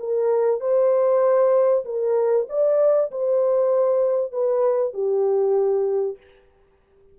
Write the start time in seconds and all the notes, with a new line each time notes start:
0.00 A#4
0.61 C5
1.85 A#4
2.50 D5
3.12 C5
4.32 B4
4.94 G4